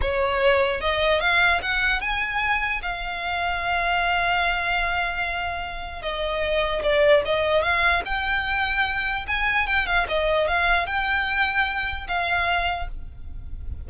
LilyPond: \new Staff \with { instrumentName = "violin" } { \time 4/4 \tempo 4 = 149 cis''2 dis''4 f''4 | fis''4 gis''2 f''4~ | f''1~ | f''2. dis''4~ |
dis''4 d''4 dis''4 f''4 | g''2. gis''4 | g''8 f''8 dis''4 f''4 g''4~ | g''2 f''2 | }